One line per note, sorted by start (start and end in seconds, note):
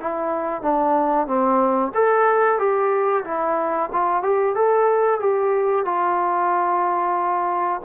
0.00 0.62 E4
0.62 1.27 D4
1.27 1.92 C4
1.94 2.58 A4
2.58 3.24 G4
3.24 3.90 E4
3.92 4.23 F4
4.23 4.55 G4
4.55 5.20 A4
5.20 5.85 G4
5.85 7.81 F4